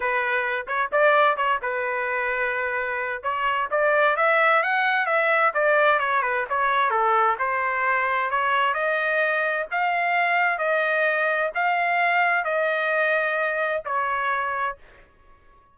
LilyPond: \new Staff \with { instrumentName = "trumpet" } { \time 4/4 \tempo 4 = 130 b'4. cis''8 d''4 cis''8 b'8~ | b'2. cis''4 | d''4 e''4 fis''4 e''4 | d''4 cis''8 b'8 cis''4 a'4 |
c''2 cis''4 dis''4~ | dis''4 f''2 dis''4~ | dis''4 f''2 dis''4~ | dis''2 cis''2 | }